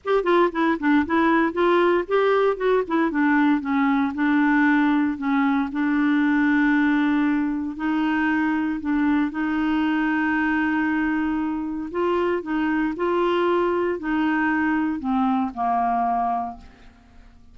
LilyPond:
\new Staff \with { instrumentName = "clarinet" } { \time 4/4 \tempo 4 = 116 g'8 f'8 e'8 d'8 e'4 f'4 | g'4 fis'8 e'8 d'4 cis'4 | d'2 cis'4 d'4~ | d'2. dis'4~ |
dis'4 d'4 dis'2~ | dis'2. f'4 | dis'4 f'2 dis'4~ | dis'4 c'4 ais2 | }